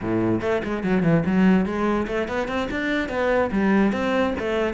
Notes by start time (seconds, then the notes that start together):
0.01 A2
0.41 A3
0.64 G#3
0.83 F#3
1.02 E3
1.25 F#3
1.65 G#3
2.07 A3
2.28 B3
2.48 C4
2.70 D4
3.08 B3
3.51 G3
3.92 C4
4.39 A3